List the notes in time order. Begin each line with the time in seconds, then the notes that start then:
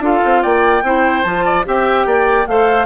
0.00 D4 F4 A4 F5
0.25 C4
0.43 A#3 D5 G5
0.83 C4 E4 C5
1.23 F3 F4 A5
1.45 D5
1.65 C4 G4 E5 G5
2.06 A#3 D5
2.47 A3 A4 C5 F5